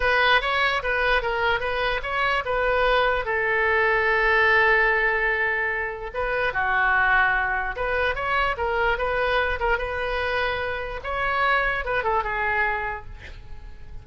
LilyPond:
\new Staff \with { instrumentName = "oboe" } { \time 4/4 \tempo 4 = 147 b'4 cis''4 b'4 ais'4 | b'4 cis''4 b'2 | a'1~ | a'2. b'4 |
fis'2. b'4 | cis''4 ais'4 b'4. ais'8 | b'2. cis''4~ | cis''4 b'8 a'8 gis'2 | }